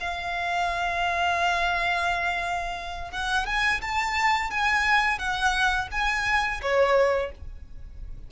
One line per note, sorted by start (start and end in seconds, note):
0.00 3.11 F5
3.11 3.46 F#5
3.46 3.81 G#5
3.82 4.51 A5
4.51 5.19 G#5
5.19 5.89 F#5
5.91 6.61 G#5
6.62 7.32 C#5